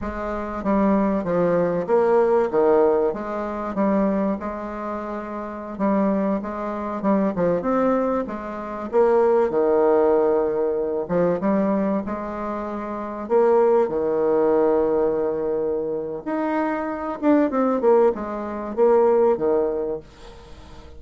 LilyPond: \new Staff \with { instrumentName = "bassoon" } { \time 4/4 \tempo 4 = 96 gis4 g4 f4 ais4 | dis4 gis4 g4 gis4~ | gis4~ gis16 g4 gis4 g8 f16~ | f16 c'4 gis4 ais4 dis8.~ |
dis4.~ dis16 f8 g4 gis8.~ | gis4~ gis16 ais4 dis4.~ dis16~ | dis2 dis'4. d'8 | c'8 ais8 gis4 ais4 dis4 | }